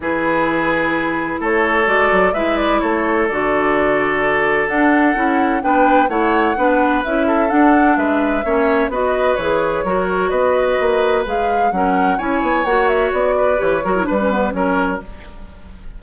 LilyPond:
<<
  \new Staff \with { instrumentName = "flute" } { \time 4/4 \tempo 4 = 128 b'2. cis''4 | d''4 e''8 d''8 cis''4 d''4~ | d''2 fis''2 | g''4 fis''2 e''4 |
fis''4 e''2 dis''4 | cis''2 dis''2 | f''4 fis''4 gis''4 fis''8 e''8 | d''4 cis''4 b'4 cis''4 | }
  \new Staff \with { instrumentName = "oboe" } { \time 4/4 gis'2. a'4~ | a'4 b'4 a'2~ | a'1 | b'4 cis''4 b'4. a'8~ |
a'4 b'4 cis''4 b'4~ | b'4 ais'4 b'2~ | b'4 ais'4 cis''2~ | cis''8 b'4 ais'8 b'4 ais'4 | }
  \new Staff \with { instrumentName = "clarinet" } { \time 4/4 e'1 | fis'4 e'2 fis'4~ | fis'2 d'4 e'4 | d'4 e'4 d'4 e'4 |
d'2 cis'4 fis'4 | gis'4 fis'2. | gis'4 cis'4 e'4 fis'4~ | fis'4 g'8 fis'16 e'16 d'16 cis'16 b8 cis'4 | }
  \new Staff \with { instrumentName = "bassoon" } { \time 4/4 e2. a4 | gis8 fis8 gis4 a4 d4~ | d2 d'4 cis'4 | b4 a4 b4 cis'4 |
d'4 gis4 ais4 b4 | e4 fis4 b4 ais4 | gis4 fis4 cis'8 b8 ais4 | b4 e8 fis8 g4 fis4 | }
>>